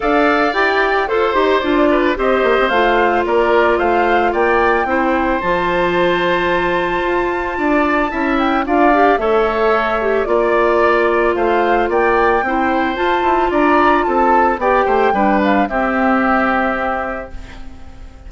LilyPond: <<
  \new Staff \with { instrumentName = "flute" } { \time 4/4 \tempo 4 = 111 f''4 g''4 c''4 d''4 | dis''4 f''4 d''4 f''4 | g''2 a''2~ | a''2.~ a''8 g''8 |
f''4 e''2 d''4~ | d''4 f''4 g''2 | a''4 ais''4 a''4 g''4~ | g''8 f''8 e''2. | }
  \new Staff \with { instrumentName = "oboe" } { \time 4/4 d''2 c''4. b'8 | c''2 ais'4 c''4 | d''4 c''2.~ | c''2 d''4 e''4 |
d''4 cis''2 d''4~ | d''4 c''4 d''4 c''4~ | c''4 d''4 a'4 d''8 c''8 | b'4 g'2. | }
  \new Staff \with { instrumentName = "clarinet" } { \time 4/4 a'4 g'4 a'8 g'8 f'4 | g'4 f'2.~ | f'4 e'4 f'2~ | f'2. e'4 |
f'8 g'8 a'4. g'8 f'4~ | f'2. e'4 | f'2. g'4 | d'4 c'2. | }
  \new Staff \with { instrumentName = "bassoon" } { \time 4/4 d'4 e'4 f'8 dis'8 d'4 | c'8 ais16 c'16 a4 ais4 a4 | ais4 c'4 f2~ | f4 f'4 d'4 cis'4 |
d'4 a2 ais4~ | ais4 a4 ais4 c'4 | f'8 e'8 d'4 c'4 b8 a8 | g4 c'2. | }
>>